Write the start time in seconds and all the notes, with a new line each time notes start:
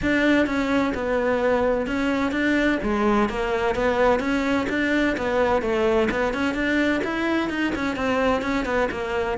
0.01 D4
0.46 C#4
0.94 B3
1.86 C#4
2.31 D4
2.83 G#3
3.29 A#3
3.75 B3
4.19 C#4
4.69 D4
5.17 B3
5.61 A3
6.10 B3
6.33 C#4
6.54 D4
7.04 E4
7.49 D#4
7.75 C#4
7.96 C4
8.42 C#4
8.65 B3
8.91 A#3